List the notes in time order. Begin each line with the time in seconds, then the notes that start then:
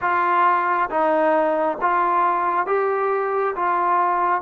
0.01 F4
0.89 D#4
1.81 F4
2.66 G4
3.55 F4